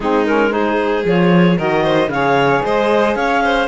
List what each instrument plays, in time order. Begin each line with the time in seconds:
0.00 cello G#3, saxophone C4, violin D#4, clarinet G#4
0.26 saxophone C#4, clarinet A#4
0.50 saxophone D#4, violin G#4, clarinet C5
1.05 cello F3, saxophone F4, clarinet C#5
1.56 cello D#3, saxophone F#4, violin A#4, clarinet D#5
1.83 violin C5
2.08 cello C#3, saxophone G#4, violin C#5, clarinet F5
2.63 cello G#3, violin C5, clarinet D#5
3.15 cello C#4, violin C#5, clarinet F5
3.43 violin C5